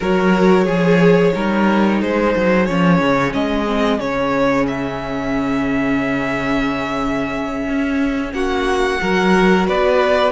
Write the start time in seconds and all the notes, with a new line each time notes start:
0.00 F#3 F#4 A#4 C#5
0.64 F3 G#4
1.33 G3 D#4 A#4
2.00 G#3 G#4 C5
2.35 F#3
2.66 F3 C#4 C#5
3.00 C#3
3.33 G#3 D#5
3.66 C4
3.99 C#3 C#4 C#5
4.67 E5
7.68 C#4
8.33 A#3 F#4 F#5
9.00 F#3 F#4 A#4
9.67 B3 B4 D5